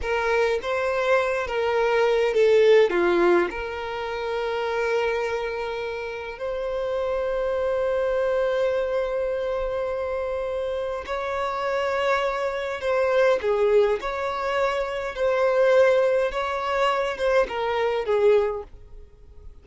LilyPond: \new Staff \with { instrumentName = "violin" } { \time 4/4 \tempo 4 = 103 ais'4 c''4. ais'4. | a'4 f'4 ais'2~ | ais'2. c''4~ | c''1~ |
c''2. cis''4~ | cis''2 c''4 gis'4 | cis''2 c''2 | cis''4. c''8 ais'4 gis'4 | }